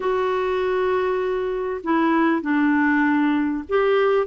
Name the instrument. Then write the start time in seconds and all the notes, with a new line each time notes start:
clarinet
0.00 F#4
1.83 E4
2.41 D4
3.68 G4